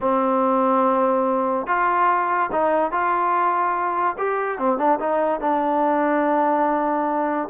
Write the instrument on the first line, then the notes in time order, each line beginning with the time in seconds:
trombone
0.00 C4
1.66 F4
2.52 D#4
2.91 F4
4.18 G4
4.58 C4
4.77 D4
4.99 D#4
5.40 D4